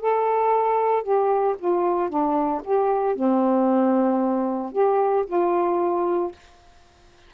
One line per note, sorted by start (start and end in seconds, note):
0.00 1.03 A4
1.03 1.55 G4
1.58 2.09 F4
2.09 2.62 D4
2.64 3.15 G4
3.15 4.72 C4
4.72 5.25 G4
5.26 6.31 F4